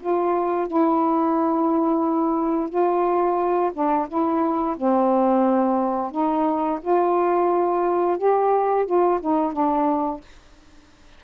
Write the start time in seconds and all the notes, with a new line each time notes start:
0.00 F4
0.67 E4
2.69 F4
3.73 D4
4.08 E4
4.77 C4
6.11 D#4
6.81 F4
8.17 G4
8.85 F4
9.20 D#4
9.52 D4